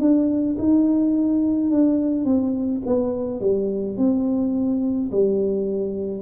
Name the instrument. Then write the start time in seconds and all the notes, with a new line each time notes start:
tuba
0.00 D4
0.59 D#4
1.71 D4
2.25 C4
2.87 B3
3.41 G3
3.98 C4
5.12 G3